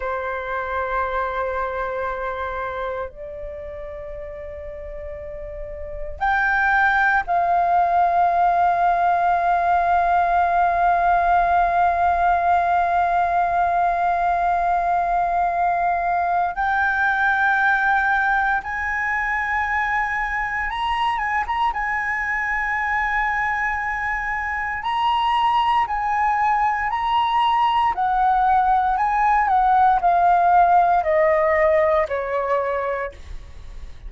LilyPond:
\new Staff \with { instrumentName = "flute" } { \time 4/4 \tempo 4 = 58 c''2. d''4~ | d''2 g''4 f''4~ | f''1~ | f''1 |
g''2 gis''2 | ais''8 gis''16 ais''16 gis''2. | ais''4 gis''4 ais''4 fis''4 | gis''8 fis''8 f''4 dis''4 cis''4 | }